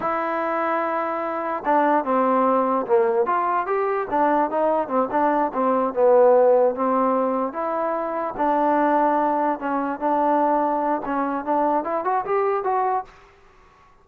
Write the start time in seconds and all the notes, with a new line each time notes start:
0.00 E4
1.65 D4
2.04 C4
2.86 A#3
3.26 F4
3.66 G4
4.10 D4
4.50 D#4
4.88 C4
5.11 D4
5.53 C4
5.93 B3
6.75 C4
7.52 E4
8.37 D4
9.59 C#4
9.99 D4
11.05 C#4
11.44 D4
11.84 E4
12.04 F#4
12.25 G4
12.63 F#4